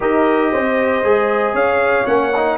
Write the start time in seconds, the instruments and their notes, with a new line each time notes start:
0.00 tuba D#4, trombone G4, horn A#4, trumpet D#5
0.51 tuba C4, horn C5
1.03 tuba G#3, trombone G#4
1.53 tuba C#4, horn C#5, trumpet F5
2.05 tuba A#3, trombone C#4, trumpet F#5
2.36 trombone D#4